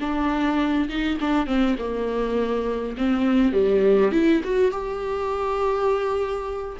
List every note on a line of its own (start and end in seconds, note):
0.00 0.88 D4
0.89 1.18 D#4
1.20 1.47 D4
1.47 1.76 C4
1.79 2.96 A#3
2.97 3.53 C4
3.53 4.11 G3
4.12 4.41 E4
4.44 4.71 F#4
4.71 6.77 G4